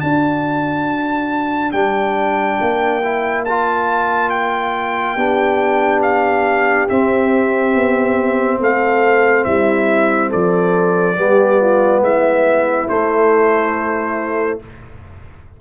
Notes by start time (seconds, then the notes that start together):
0.00 D4 F#4 D5 A5
1.72 G3 D4 G5
2.61 A#3
3.04 E4
3.44 F4 A5
4.30 G5
5.16 B3 D4 G4
6.02 F5
6.89 C4 E5
7.75 B3
8.60 A3 A4 F5
9.44 G3 E4 E5
10.29 F3 A4 D5
11.16 G3 B3 G4
11.60 F4
12.01 G#3 E4 E5
12.88 A3 C5